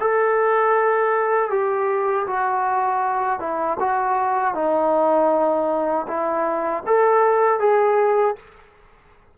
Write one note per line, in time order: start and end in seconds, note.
0.00 1.50 A4
1.50 2.26 G4
2.27 3.39 F#4
3.39 3.77 E4
3.79 4.55 F#4
4.55 6.07 D#4
6.07 6.83 E4
6.86 7.60 A4
7.60 8.36 G#4